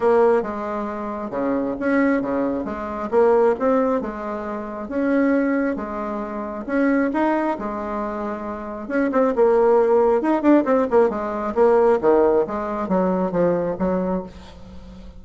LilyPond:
\new Staff \with { instrumentName = "bassoon" } { \time 4/4 \tempo 4 = 135 ais4 gis2 cis4 | cis'4 cis4 gis4 ais4 | c'4 gis2 cis'4~ | cis'4 gis2 cis'4 |
dis'4 gis2. | cis'8 c'8 ais2 dis'8 d'8 | c'8 ais8 gis4 ais4 dis4 | gis4 fis4 f4 fis4 | }